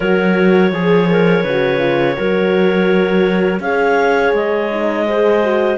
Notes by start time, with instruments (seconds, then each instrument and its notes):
0.00 cello F#3, horn F#4, clarinet A#4 C#5
0.72 cello F3, clarinet G#4, horn G#4
1.09 clarinet A#4
1.43 cello C#3, horn F#4, clarinet B4
1.78 horn F4
2.17 cello F#3, horn F#4, clarinet A#4
3.59 cello C#4, horn G#4, clarinet C#5 F5
4.32 cello G#3, clarinet D#5
4.71 horn D#4
5.06 horn G#4, clarinet C5
5.43 horn F#4